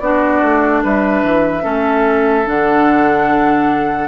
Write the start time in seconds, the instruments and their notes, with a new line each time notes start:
0.00 bassoon B3, clarinet D4, oboe F#4, flute D5
0.42 bassoon A3
0.84 bassoon G3, oboe B4, flute E5
1.23 bassoon E3
1.63 bassoon A3, clarinet C#4, oboe A4
2.45 bassoon D3, clarinet D4, flute F#5